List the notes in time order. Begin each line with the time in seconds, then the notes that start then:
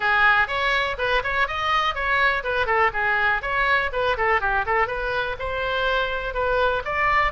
0.00 G#4
0.47 C#5
0.98 B4
1.23 C#5
1.47 D#5
1.94 C#5
2.43 B4
2.66 A4
2.93 G#4
3.41 C#5
3.92 B4
4.17 A4
4.41 G4
4.66 A4
4.87 B4
5.39 C5
6.34 B4
6.84 D5